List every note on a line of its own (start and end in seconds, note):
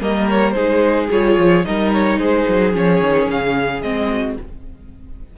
0.00 0.54 G3
0.00 0.55 A#3
0.00 0.55 A#4
0.00 0.29 D#5
0.30 0.51 C#5
0.51 1.09 G#3
0.51 1.10 D#4
0.51 1.64 G#4
0.51 1.06 C5
1.11 1.37 G3
1.11 1.65 F4
1.11 1.65 C#5
1.37 1.65 F3
1.65 2.18 G3
1.65 2.72 D#4
1.65 2.19 A#4
1.65 1.92 D#5
1.93 2.19 C#5
2.18 2.45 G#3
2.18 4.10 G#4
2.18 2.74 C5
2.49 2.74 F#3
2.72 3.01 F3
2.72 3.81 C#4
2.72 3.30 C#5
3.01 3.28 D#3
3.29 3.82 C#3
3.29 3.82 F5
3.82 4.37 G#3
3.82 4.38 C4
3.82 4.36 D#5
4.10 4.37 F#4